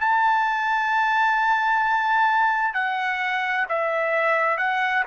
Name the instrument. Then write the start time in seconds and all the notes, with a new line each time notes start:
trumpet
0.00 A5
2.74 F#5
3.68 E5
4.57 F#5